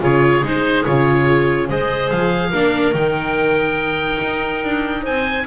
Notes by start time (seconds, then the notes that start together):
0.00 C#3 F4 G#4 C#5
0.43 G#3 D#4 C5
0.84 C#3 F4 C#5
1.68 G#3 G#4 C5 D#5
2.10 F3 F5
2.50 A#3 D4 A#4
2.93 D#3 D#4 G5
4.21 D#4
4.63 D4
5.02 C4 C5 G#5